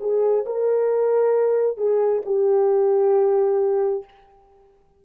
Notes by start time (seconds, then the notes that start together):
0.00 G#4
0.46 A#4
1.77 G#4
2.25 G4